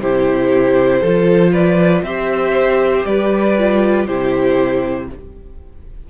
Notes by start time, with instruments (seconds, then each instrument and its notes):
0.00 cello C3, viola E4, violin G4 C5
1.01 cello F3, viola F4, violin A4
1.52 violin B4 D5
2.02 cello C4, viola G4, violin C5 E5
3.05 cello G3, violin B4 D5
3.58 viola F4
4.07 cello C3, viola E4, violin G4 C5